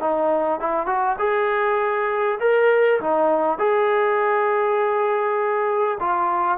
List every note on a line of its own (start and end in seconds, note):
0.00 0.60 D#4
0.60 0.86 E4
0.86 1.16 F#4
1.19 2.39 G#4
2.40 3.00 A#4
3.00 3.58 D#4
3.58 5.98 G#4
6.00 6.58 F4